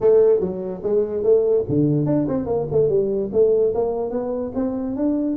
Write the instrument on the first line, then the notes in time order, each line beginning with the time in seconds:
tuba
0.01 A3
0.40 F#3
0.83 G#3
1.23 A3
1.69 D3
2.06 D4
2.28 C4
2.46 A#3
2.71 A3
2.89 G3
3.32 A3
3.74 A#3
4.10 B3
4.54 C4
4.96 D4